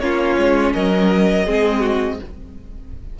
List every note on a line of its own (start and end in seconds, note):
0.00 0.37 A#3
0.00 1.46 C#4
0.00 0.74 F4
0.00 0.73 C#5
0.38 0.75 G#3
0.73 1.46 F#3
0.73 1.46 A#4
0.73 2.20 D#5
1.46 2.20 G#3
1.46 2.19 C4
1.46 1.80 G#4
1.80 2.17 F#4